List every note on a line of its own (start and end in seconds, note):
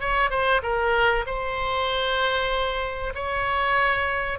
0.00 0.30 C#5
0.30 0.61 C5
0.62 1.25 A#4
1.26 3.13 C5
3.14 4.39 C#5